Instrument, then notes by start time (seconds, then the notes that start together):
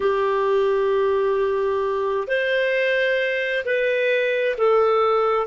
clarinet
0.00 G4
2.27 C5
3.65 B4
4.57 A4